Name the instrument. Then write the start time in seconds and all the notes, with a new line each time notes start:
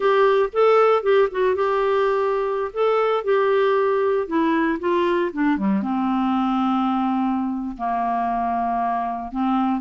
clarinet
0.00 G4
0.52 A4
1.02 G4
1.31 F#4
1.55 G4
2.73 A4
3.24 G4
4.27 E4
4.79 F4
5.32 D4
5.57 G3
5.82 C4
7.77 A#3
9.31 C4